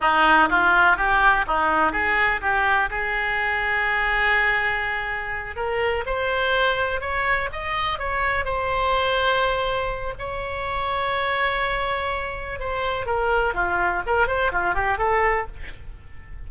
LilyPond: \new Staff \with { instrumentName = "oboe" } { \time 4/4 \tempo 4 = 124 dis'4 f'4 g'4 dis'4 | gis'4 g'4 gis'2~ | gis'2.~ gis'8 ais'8~ | ais'8 c''2 cis''4 dis''8~ |
dis''8 cis''4 c''2~ c''8~ | c''4 cis''2.~ | cis''2 c''4 ais'4 | f'4 ais'8 c''8 f'8 g'8 a'4 | }